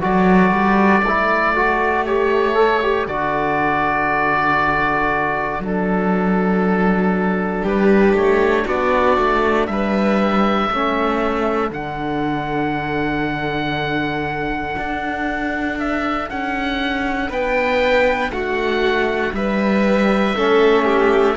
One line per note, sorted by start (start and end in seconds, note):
0.00 0.51 F#3
0.00 1.03 F#4
0.00 7.63 A4
0.00 2.06 D5
0.51 1.02 G3
1.03 3.06 A3
1.03 1.56 E4
1.56 2.07 F#4
2.06 2.55 G4
2.06 3.07 C#5
2.55 2.80 A4
2.83 3.08 G4
3.07 5.60 D3
3.07 5.63 F#4
3.07 5.62 D5
5.60 7.63 F#3
5.60 10.71 D4
5.67 7.67 A4
7.63 8.14 G3
7.63 8.65 G4
7.63 8.16 B4
8.14 8.65 A3
8.14 8.67 C#5
8.65 9.17 B3
8.65 9.67 F#4
8.65 9.67 D5
9.17 9.68 A3
9.67 10.69 G3
9.67 10.69 B4
9.67 11.70 E5
10.69 11.71 A3
10.69 11.72 C#4
10.69 17.30 A4
11.71 14.76 D3
11.71 20.36 D4
11.71 15.79 F#5
14.77 16.30 D4
15.79 16.30 E5
16.30 17.30 C#4
16.30 17.31 F#5
17.30 18.30 B3
17.30 18.31 B4
17.30 18.32 G5
18.30 19.32 A3
18.30 19.35 F#4
18.30 19.33 F#5
19.33 20.34 G3
19.33 20.35 B4
19.33 21.37 E5
20.35 21.37 A3
20.35 21.37 C#4
20.35 20.85 A4
20.85 21.36 G4